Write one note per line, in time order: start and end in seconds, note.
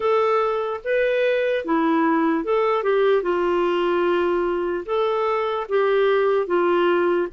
0.00 0.80 A4
0.84 1.64 B4
1.64 2.44 E4
2.44 2.83 A4
2.83 3.22 G4
3.22 4.84 F4
4.85 5.66 A4
5.68 6.46 G4
6.46 7.28 F4